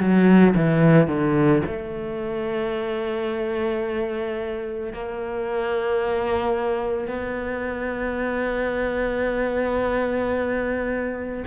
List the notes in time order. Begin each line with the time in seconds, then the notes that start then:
0.00 F#3
0.56 E3
1.08 D3
1.67 A3
4.93 A#3
7.08 B3